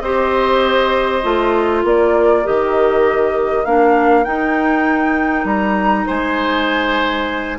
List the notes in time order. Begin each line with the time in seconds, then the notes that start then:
0.00 C4 G4 C5 D#5
1.23 A3 F4
1.84 A#3 A#4 D5
2.44 D#3 G4 D#5
3.65 A#3 D4 F5
4.24 D#4 G5
5.44 G3 A#5
6.06 G#3 C5 G#5